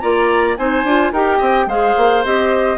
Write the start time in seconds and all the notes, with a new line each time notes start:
0.00 A#3 F4 D5 A#5
0.57 C4 D#4 C5 G#5
0.84 D4 F4
1.12 D#4 G4 A#4 G5
1.38 C4 D#5
1.66 G#3 G#4 C5 F5
1.97 A#3
2.25 C4 G4 D#5